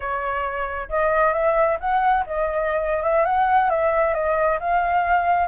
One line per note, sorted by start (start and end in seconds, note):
0.00 0.88 C#5
0.89 1.33 D#5
1.33 1.77 E5
1.80 2.24 F#5
2.26 3.03 D#5
3.03 3.25 E5
3.25 3.69 F#5
3.70 4.14 E5
4.14 4.59 D#5
4.59 5.47 F5